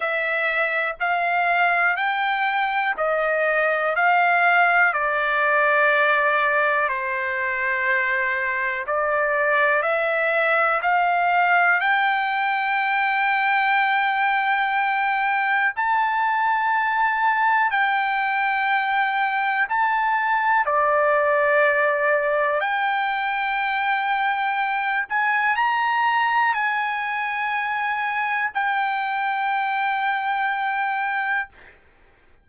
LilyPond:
\new Staff \with { instrumentName = "trumpet" } { \time 4/4 \tempo 4 = 61 e''4 f''4 g''4 dis''4 | f''4 d''2 c''4~ | c''4 d''4 e''4 f''4 | g''1 |
a''2 g''2 | a''4 d''2 g''4~ | g''4. gis''8 ais''4 gis''4~ | gis''4 g''2. | }